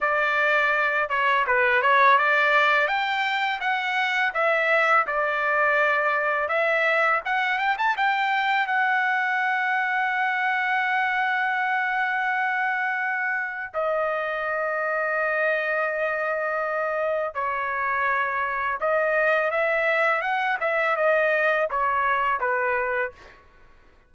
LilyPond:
\new Staff \with { instrumentName = "trumpet" } { \time 4/4 \tempo 4 = 83 d''4. cis''8 b'8 cis''8 d''4 | g''4 fis''4 e''4 d''4~ | d''4 e''4 fis''8 g''16 a''16 g''4 | fis''1~ |
fis''2. dis''4~ | dis''1 | cis''2 dis''4 e''4 | fis''8 e''8 dis''4 cis''4 b'4 | }